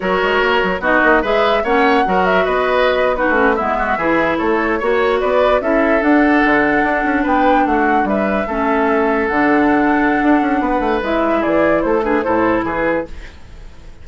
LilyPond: <<
  \new Staff \with { instrumentName = "flute" } { \time 4/4 \tempo 4 = 147 cis''2 dis''4 e''4 | fis''4. e''8 dis''4.~ dis''16 b'16~ | b'8. e''2 cis''4~ cis''16~ | cis''8. d''4 e''4 fis''4~ fis''16~ |
fis''4.~ fis''16 g''4 fis''4 e''16~ | e''2~ e''8. fis''4~ fis''16~ | fis''2. e''4 | d''4 c''8 b'8 c''4 b'4 | }
  \new Staff \with { instrumentName = "oboe" } { \time 4/4 ais'2 fis'4 b'4 | cis''4 ais'4 b'4.~ b'16 fis'16~ | fis'8. e'8 fis'8 gis'4 a'4 cis''16~ | cis''8. b'4 a'2~ a'16~ |
a'4.~ a'16 b'4 fis'4 b'16~ | b'8. a'2.~ a'16~ | a'2 b'2 | gis'4 a'8 gis'8 a'4 gis'4 | }
  \new Staff \with { instrumentName = "clarinet" } { \time 4/4 fis'2 dis'4 gis'4 | cis'4 fis'2~ fis'8. dis'16~ | dis'16 cis'8 b4 e'2 fis'16~ | fis'4.~ fis'16 e'4 d'4~ d'16~ |
d'1~ | d'8. cis'2 d'4~ d'16~ | d'2. e'4~ | e'4. d'8 e'2 | }
  \new Staff \with { instrumentName = "bassoon" } { \time 4/4 fis8 gis8 ais8 fis8 b8 ais8 gis4 | ais4 fis4 b2 | a8. gis4 e4 a4 ais16~ | ais8. b4 cis'4 d'4 d16~ |
d8. d'8 cis'8 b4 a4 g16~ | g8. a2 d4~ d16~ | d4 d'8 cis'8 b8 a8 gis4 | e4 a4 a,4 e4 | }
>>